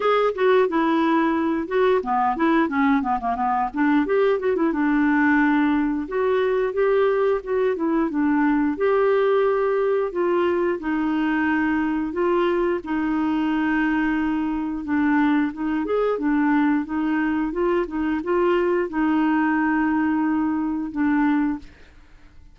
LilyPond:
\new Staff \with { instrumentName = "clarinet" } { \time 4/4 \tempo 4 = 89 gis'8 fis'8 e'4. fis'8 b8 e'8 | cis'8 b16 ais16 b8 d'8 g'8 fis'16 e'16 d'4~ | d'4 fis'4 g'4 fis'8 e'8 | d'4 g'2 f'4 |
dis'2 f'4 dis'4~ | dis'2 d'4 dis'8 gis'8 | d'4 dis'4 f'8 dis'8 f'4 | dis'2. d'4 | }